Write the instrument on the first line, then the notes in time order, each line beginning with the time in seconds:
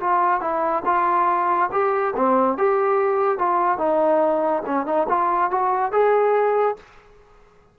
trombone
0.00 F4
0.41 E4
0.85 F4
1.72 G4
2.16 C4
2.58 G4
3.38 F4
3.78 D#4
4.66 C#4
4.86 D#4
5.09 F4
5.51 F#4
5.92 G#4